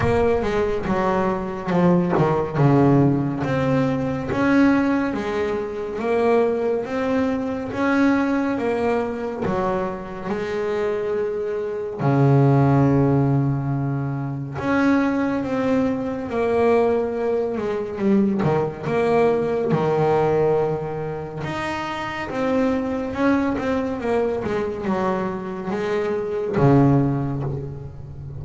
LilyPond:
\new Staff \with { instrumentName = "double bass" } { \time 4/4 \tempo 4 = 70 ais8 gis8 fis4 f8 dis8 cis4 | c'4 cis'4 gis4 ais4 | c'4 cis'4 ais4 fis4 | gis2 cis2~ |
cis4 cis'4 c'4 ais4~ | ais8 gis8 g8 dis8 ais4 dis4~ | dis4 dis'4 c'4 cis'8 c'8 | ais8 gis8 fis4 gis4 cis4 | }